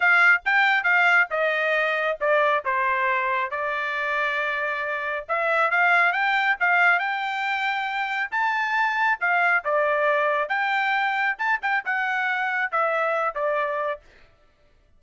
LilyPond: \new Staff \with { instrumentName = "trumpet" } { \time 4/4 \tempo 4 = 137 f''4 g''4 f''4 dis''4~ | dis''4 d''4 c''2 | d''1 | e''4 f''4 g''4 f''4 |
g''2. a''4~ | a''4 f''4 d''2 | g''2 a''8 g''8 fis''4~ | fis''4 e''4. d''4. | }